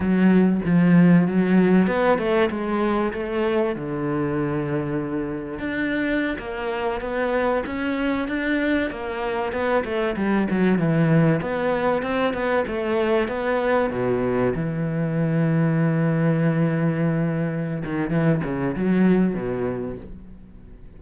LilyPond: \new Staff \with { instrumentName = "cello" } { \time 4/4 \tempo 4 = 96 fis4 f4 fis4 b8 a8 | gis4 a4 d2~ | d4 d'4~ d'16 ais4 b8.~ | b16 cis'4 d'4 ais4 b8 a16~ |
a16 g8 fis8 e4 b4 c'8 b16~ | b16 a4 b4 b,4 e8.~ | e1~ | e8 dis8 e8 cis8 fis4 b,4 | }